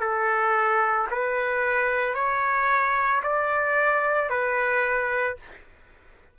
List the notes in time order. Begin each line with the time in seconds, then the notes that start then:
0.00 A4
1.11 B4
2.14 C#5
3.22 D5
4.30 B4